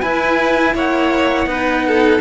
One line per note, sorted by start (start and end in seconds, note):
0.00 0.74 E4
0.00 1.46 E4
0.00 0.74 B4
0.00 0.73 G#5
0.74 1.45 A#3
0.74 1.48 C#5
0.74 2.20 F#5
1.45 2.19 B3
1.45 2.20 D#4
1.45 1.86 B4
1.87 2.20 A4